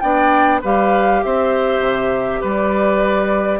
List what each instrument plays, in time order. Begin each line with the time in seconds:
0.00 bassoon B3, clarinet D4, oboe D5, flute G5
0.61 bassoon G3, clarinet G4, oboe B4, flute F5
1.23 bassoon C4, oboe C5, flute E5
1.79 bassoon C3
2.41 bassoon G3, oboe B4, flute D5